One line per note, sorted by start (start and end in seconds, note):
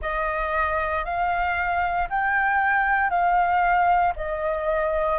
0.01 1.04 D#5
1.04 2.08 F5
2.09 3.09 G5
3.09 4.13 F5
4.16 5.19 D#5